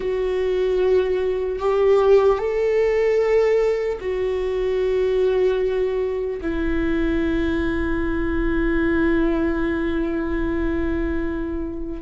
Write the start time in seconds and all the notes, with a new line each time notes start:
0.00 F#4
1.59 G4
2.38 A4
4.00 F#4
6.41 E4